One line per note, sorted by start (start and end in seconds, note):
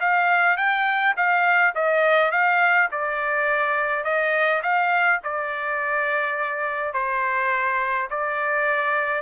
0.00 0.57 F5
0.57 1.14 G5
1.16 1.74 F5
1.75 2.31 D#5
2.31 2.89 F5
2.91 4.04 D5
4.04 4.62 D#5
4.62 5.20 F5
5.23 6.93 D5
6.93 8.08 C5
8.10 9.21 D5